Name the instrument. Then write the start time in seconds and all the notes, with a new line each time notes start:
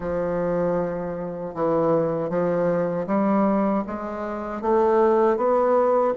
bassoon
0.00 F3
1.54 E3
2.29 F3
3.07 G3
3.87 G#3
4.62 A3
5.37 B3